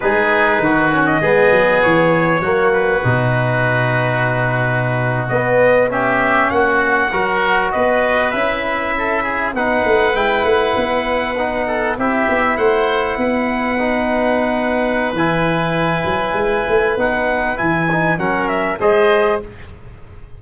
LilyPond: <<
  \new Staff \with { instrumentName = "trumpet" } { \time 4/4 \tempo 4 = 99 b'4.~ b'16 dis''4~ dis''16 cis''4~ | cis''8 b'2.~ b'8~ | b'8. dis''4 e''4 fis''4~ fis''16~ | fis''8. dis''4 e''2 fis''16~ |
fis''8. g''8 fis''2~ fis''8 e''16~ | e''8. fis''2.~ fis''16~ | fis''4 gis''2. | fis''4 gis''4 fis''8 e''8 dis''4 | }
  \new Staff \with { instrumentName = "oboe" } { \time 4/4 gis'4 fis'4 gis'2 | fis'1~ | fis'4.~ fis'16 g'4 fis'4 ais'16~ | ais'8. b'2 a'8 gis'8 b'16~ |
b'2.~ b'16 a'8 g'16~ | g'8. c''4 b'2~ b'16~ | b'1~ | b'2 ais'4 c''4 | }
  \new Staff \with { instrumentName = "trombone" } { \time 4/4 dis'4. cis'8 b2 | ais4 dis'2.~ | dis'8. b4 cis'2 fis'16~ | fis'4.~ fis'16 e'2 dis'16~ |
dis'8. e'2 dis'4 e'16~ | e'2~ e'8. dis'4~ dis'16~ | dis'4 e'2. | dis'4 e'8 dis'8 cis'4 gis'4 | }
  \new Staff \with { instrumentName = "tuba" } { \time 4/4 gis4 dis4 gis8 fis8 e4 | fis4 b,2.~ | b,8. b2 ais4 fis16~ | fis8. b4 cis'2 b16~ |
b16 a8 gis8 a8 b2 c'16~ | c'16 b8 a4 b2~ b16~ | b4 e4. fis8 gis8 a8 | b4 e4 fis4 gis4 | }
>>